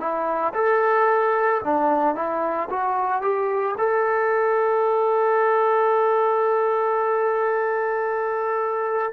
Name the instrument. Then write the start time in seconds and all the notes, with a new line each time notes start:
trombone
0.00 E4
0.54 A4
1.64 D4
2.15 E4
2.70 F#4
3.22 G4
3.78 A4